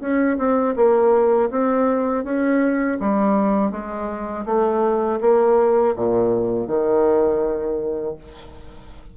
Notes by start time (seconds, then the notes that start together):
0.00 C#4
0.38 C4
0.76 A#3
1.50 C4
2.24 C#4
3.00 G3
3.71 G#3
4.45 A3
5.20 A#3
5.96 A#2
6.67 D#3